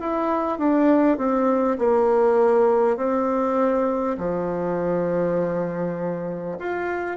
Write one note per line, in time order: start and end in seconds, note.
0.00 0.59 E4
0.59 1.18 D4
1.18 1.78 C4
1.79 2.97 A#3
2.97 4.17 C4
4.19 6.59 F3
6.59 7.17 F4